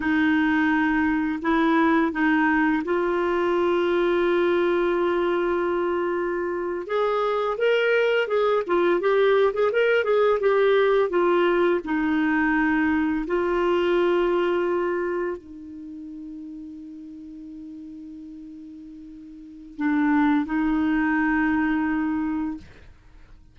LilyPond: \new Staff \with { instrumentName = "clarinet" } { \time 4/4 \tempo 4 = 85 dis'2 e'4 dis'4 | f'1~ | f'4.~ f'16 gis'4 ais'4 gis'16~ | gis'16 f'8 g'8. gis'16 ais'8 gis'8 g'4 f'16~ |
f'8. dis'2 f'4~ f'16~ | f'4.~ f'16 dis'2~ dis'16~ | dis'1 | d'4 dis'2. | }